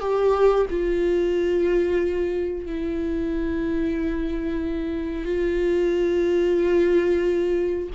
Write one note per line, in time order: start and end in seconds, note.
0.00 0.66 G4
0.70 2.66 F4
2.66 5.25 E4
5.25 7.89 F4